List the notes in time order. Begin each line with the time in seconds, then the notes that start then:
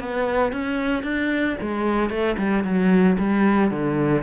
0.00 B3
0.53 C#4
1.04 D4
1.62 G#3
2.10 A3
2.38 G3
2.65 F#3
3.19 G3
3.71 D3